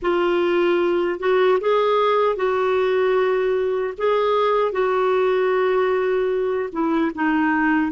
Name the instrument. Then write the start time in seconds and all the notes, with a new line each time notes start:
clarinet
0.02 F4
1.19 F#4
1.60 G#4
2.36 F#4
3.97 G#4
4.72 F#4
6.72 E4
7.14 D#4